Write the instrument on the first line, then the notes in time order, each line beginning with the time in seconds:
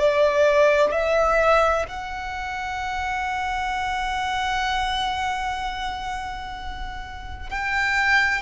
violin
0.00 D5
0.92 E5
1.88 F#5
7.50 G5